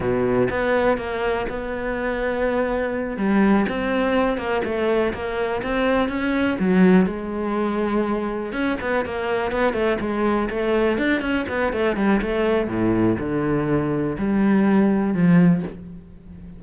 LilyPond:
\new Staff \with { instrumentName = "cello" } { \time 4/4 \tempo 4 = 123 b,4 b4 ais4 b4~ | b2~ b8 g4 c'8~ | c'4 ais8 a4 ais4 c'8~ | c'8 cis'4 fis4 gis4.~ |
gis4. cis'8 b8 ais4 b8 | a8 gis4 a4 d'8 cis'8 b8 | a8 g8 a4 a,4 d4~ | d4 g2 f4 | }